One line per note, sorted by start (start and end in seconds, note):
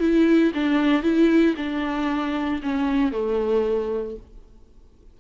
0.00 0.52 E4
0.55 1.03 D4
1.03 1.55 E4
1.57 2.61 D4
2.63 3.12 C#4
3.12 4.16 A3